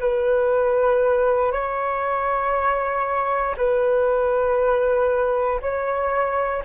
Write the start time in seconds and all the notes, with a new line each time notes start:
0.00 B4
1.52 C#5
3.57 B4
5.62 C#5